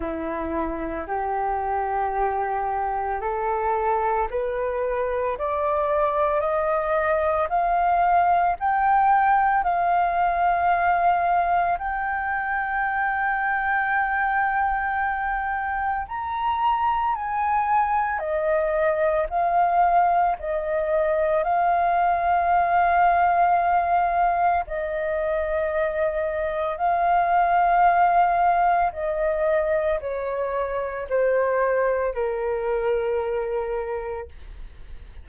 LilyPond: \new Staff \with { instrumentName = "flute" } { \time 4/4 \tempo 4 = 56 e'4 g'2 a'4 | b'4 d''4 dis''4 f''4 | g''4 f''2 g''4~ | g''2. ais''4 |
gis''4 dis''4 f''4 dis''4 | f''2. dis''4~ | dis''4 f''2 dis''4 | cis''4 c''4 ais'2 | }